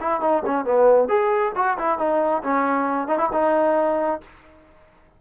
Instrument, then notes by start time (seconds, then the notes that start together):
trombone
0.00 E4
0.20 D#4
0.45 C#4
0.65 B3
1.08 G#4
1.55 F#4
1.77 E4
1.98 D#4
2.43 C#4
3.07 D#4
3.17 E4
3.32 D#4